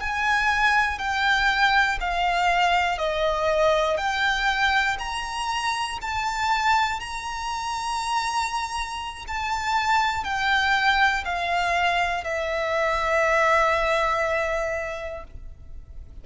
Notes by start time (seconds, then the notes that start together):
0.00 G#5
0.99 G5
2.00 F5
2.98 D#5
3.97 G5
4.99 A#5
6.02 A5
7.00 A#5
9.28 A5
10.25 G5
11.25 F5
12.24 E5